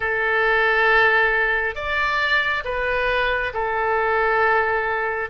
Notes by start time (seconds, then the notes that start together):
0.00 A4
1.74 D5
2.64 B4
3.53 A4